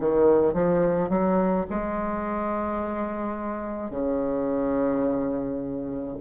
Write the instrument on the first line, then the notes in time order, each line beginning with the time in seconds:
bassoon
0.00 D#3
0.54 F3
1.10 F#3
1.70 G#3
3.91 C#3